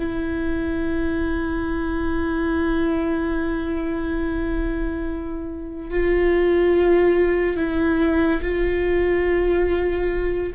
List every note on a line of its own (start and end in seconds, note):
0.00 5.91 E4
5.91 7.57 F4
7.57 8.42 E4
8.42 10.54 F4